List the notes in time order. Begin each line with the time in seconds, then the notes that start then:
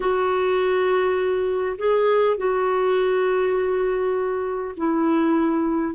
0.00 F#4
1.78 G#4
2.37 F#4
4.76 E4